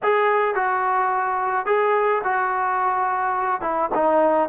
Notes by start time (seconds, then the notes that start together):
0.02 G#4
0.54 F#4
1.65 G#4
2.24 F#4
3.61 E4
3.94 D#4